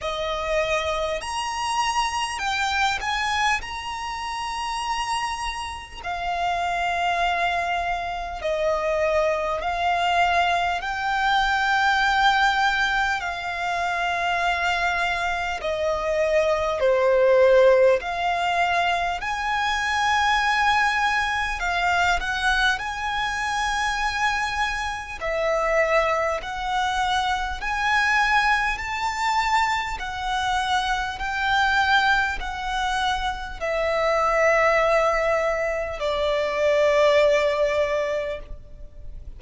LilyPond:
\new Staff \with { instrumentName = "violin" } { \time 4/4 \tempo 4 = 50 dis''4 ais''4 g''8 gis''8 ais''4~ | ais''4 f''2 dis''4 | f''4 g''2 f''4~ | f''4 dis''4 c''4 f''4 |
gis''2 f''8 fis''8 gis''4~ | gis''4 e''4 fis''4 gis''4 | a''4 fis''4 g''4 fis''4 | e''2 d''2 | }